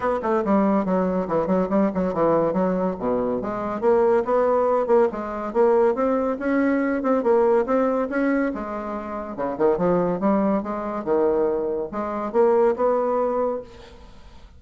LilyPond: \new Staff \with { instrumentName = "bassoon" } { \time 4/4 \tempo 4 = 141 b8 a8 g4 fis4 e8 fis8 | g8 fis8 e4 fis4 b,4 | gis4 ais4 b4. ais8 | gis4 ais4 c'4 cis'4~ |
cis'8 c'8 ais4 c'4 cis'4 | gis2 cis8 dis8 f4 | g4 gis4 dis2 | gis4 ais4 b2 | }